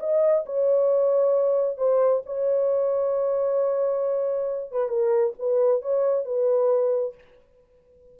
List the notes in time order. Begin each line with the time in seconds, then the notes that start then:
0.00 D#5
0.46 C#5
1.78 C5
2.26 C#5
4.72 B4
4.89 A#4
5.39 B4
5.82 C#5
6.25 B4